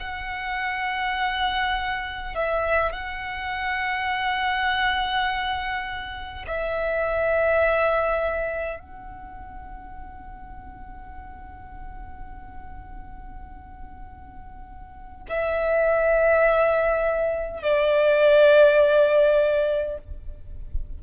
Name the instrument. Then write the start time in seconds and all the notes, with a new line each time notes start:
violin
0.00 F#5
2.35 E5
2.92 F#5
6.47 E5
8.79 F#5
15.29 E5
17.63 D5